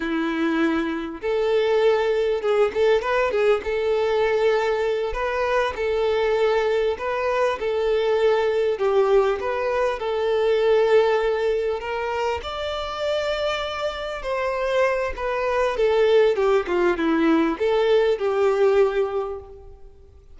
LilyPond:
\new Staff \with { instrumentName = "violin" } { \time 4/4 \tempo 4 = 99 e'2 a'2 | gis'8 a'8 b'8 gis'8 a'2~ | a'8 b'4 a'2 b'8~ | b'8 a'2 g'4 b'8~ |
b'8 a'2. ais'8~ | ais'8 d''2. c''8~ | c''4 b'4 a'4 g'8 f'8 | e'4 a'4 g'2 | }